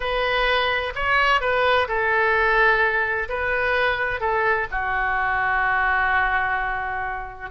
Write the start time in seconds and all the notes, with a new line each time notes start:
0.00 B4
0.95 C#5
1.40 B4
1.87 A4
3.29 B4
4.20 A4
4.71 F#4